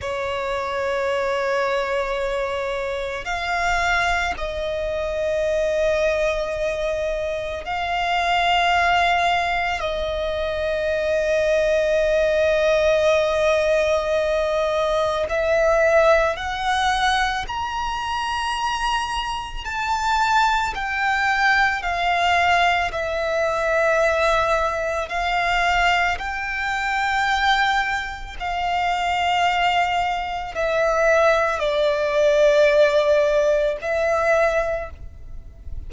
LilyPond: \new Staff \with { instrumentName = "violin" } { \time 4/4 \tempo 4 = 55 cis''2. f''4 | dis''2. f''4~ | f''4 dis''2.~ | dis''2 e''4 fis''4 |
ais''2 a''4 g''4 | f''4 e''2 f''4 | g''2 f''2 | e''4 d''2 e''4 | }